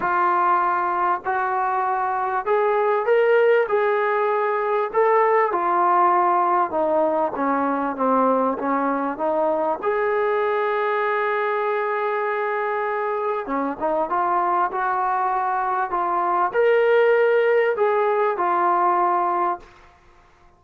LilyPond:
\new Staff \with { instrumentName = "trombone" } { \time 4/4 \tempo 4 = 98 f'2 fis'2 | gis'4 ais'4 gis'2 | a'4 f'2 dis'4 | cis'4 c'4 cis'4 dis'4 |
gis'1~ | gis'2 cis'8 dis'8 f'4 | fis'2 f'4 ais'4~ | ais'4 gis'4 f'2 | }